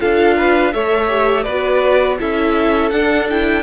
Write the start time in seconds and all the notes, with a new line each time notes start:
0.00 D4 F4 A4 F5
0.37 B4
0.73 A3 A4 C#5 E5
1.08 G4
1.44 B3 F#4 B4 D5
2.19 C#4 E4 A4 E5
2.91 D4 F#5
3.30 E4 G5